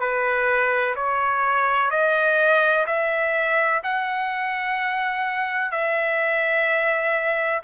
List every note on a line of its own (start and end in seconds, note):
0.00 0.95 B4
0.96 1.90 C#5
1.90 2.86 D#5
2.87 3.82 E5
3.84 5.71 F#5
5.71 7.62 E5